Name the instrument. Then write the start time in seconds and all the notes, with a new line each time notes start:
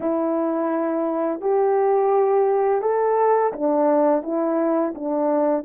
horn
0.00 E4
1.41 G4
2.81 A4
3.52 D4
4.23 E4
4.94 D4